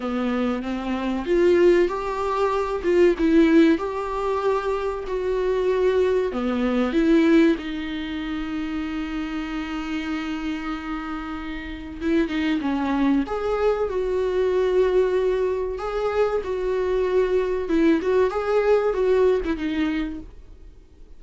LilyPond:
\new Staff \with { instrumentName = "viola" } { \time 4/4 \tempo 4 = 95 b4 c'4 f'4 g'4~ | g'8 f'8 e'4 g'2 | fis'2 b4 e'4 | dis'1~ |
dis'2. e'8 dis'8 | cis'4 gis'4 fis'2~ | fis'4 gis'4 fis'2 | e'8 fis'8 gis'4 fis'8. e'16 dis'4 | }